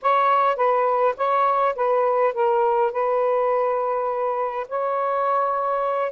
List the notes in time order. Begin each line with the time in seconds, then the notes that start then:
0.02 C#5
0.56 B4
1.17 C#5
1.75 B4
2.33 A#4
2.92 B4
4.68 C#5